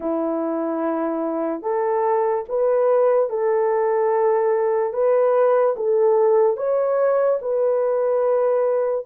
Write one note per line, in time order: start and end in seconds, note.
0.00 1.62 E4
1.62 2.44 A4
2.48 3.29 B4
3.29 4.93 A4
4.93 5.75 B4
5.76 6.56 A4
6.56 7.39 C#5
7.41 9.05 B4